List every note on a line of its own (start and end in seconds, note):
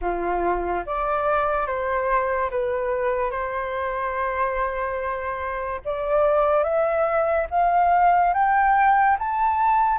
0.01 0.84 F4
0.86 1.66 D5
1.66 2.50 C5
2.50 3.30 B4
3.30 5.80 C5
5.84 6.63 D5
6.63 7.47 E5
7.50 8.33 F5
8.33 9.17 G5
9.18 9.98 A5